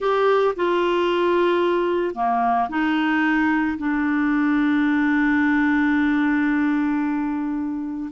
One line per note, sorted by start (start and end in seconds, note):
0.00 0.54 G4
0.56 2.14 F4
2.14 2.69 A#3
2.69 3.77 D#4
3.77 8.10 D4